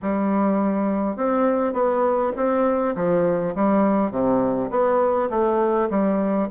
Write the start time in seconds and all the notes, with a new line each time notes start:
0.02 G3
1.16 C4
1.73 B3
2.36 C4
2.95 F3
3.55 G3
4.11 C3
4.70 B3
5.29 A3
5.90 G3